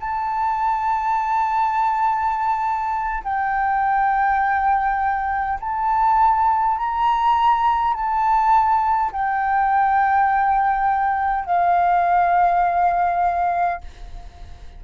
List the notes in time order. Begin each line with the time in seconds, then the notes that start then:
0.00 A5
3.24 G5
5.60 A5
6.78 A#5
7.94 A5
9.12 G5
11.46 F5